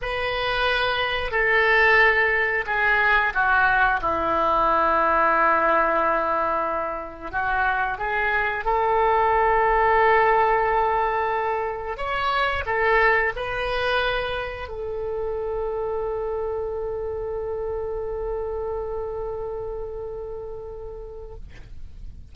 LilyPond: \new Staff \with { instrumentName = "oboe" } { \time 4/4 \tempo 4 = 90 b'2 a'2 | gis'4 fis'4 e'2~ | e'2. fis'4 | gis'4 a'2.~ |
a'2 cis''4 a'4 | b'2 a'2~ | a'1~ | a'1 | }